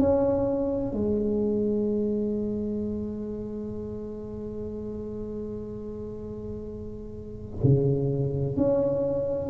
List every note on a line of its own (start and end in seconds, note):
0.00 0.93 C#4
0.93 7.60 G#3
7.63 8.57 C#3
8.57 9.50 C#4